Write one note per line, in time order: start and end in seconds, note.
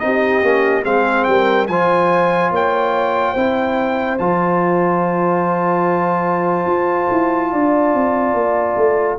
0.00 0.42 C4
0.00 0.43 D#4
0.00 0.85 G4
0.00 0.83 D#5
0.42 0.84 A#3
0.42 0.84 C#4
0.84 1.26 G#3
0.84 1.67 C4
0.84 1.26 G#4
0.84 1.24 F5
1.24 1.68 G3
1.24 1.69 A#4
1.24 1.66 G5
1.68 2.52 F3
1.68 3.36 F4
1.68 2.52 C5
1.68 2.51 G#5
2.52 3.35 A#3
2.52 3.33 C#5
2.52 4.18 G5
3.33 4.19 C4
3.33 4.19 E4
3.33 7.49 C5
4.18 6.66 F3
4.18 9.19 F4
4.18 9.18 A5
6.66 7.08 F4
7.11 7.53 E4
7.52 7.94 D4
7.52 9.19 D5
7.94 8.34 C4
8.34 8.76 A#3
8.77 9.18 A3